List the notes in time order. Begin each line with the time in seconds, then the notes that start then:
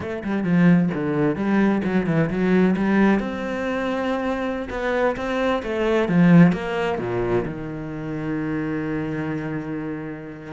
0.00 A3
0.24 G3
0.43 F3
0.94 D3
1.36 G3
1.84 F#3
2.06 E3
2.29 F#3
2.76 G3
3.19 C4
4.70 B3
5.16 C4
5.62 A3
6.08 F3
6.52 A#3
6.98 A#2
7.45 D#3